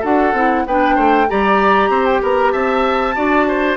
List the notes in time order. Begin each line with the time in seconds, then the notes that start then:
0.00 D4 F#4 A4 F#5
0.33 C4 E4
0.67 B3 D4 B4 G5
0.95 A3 C5
1.28 G3 G4 D5 A#5
1.89 C4 C5
2.05 G5
2.22 B3 A#4 A#5
2.52 C4 E5 A5
3.14 D4 F#4 D5
3.47 C5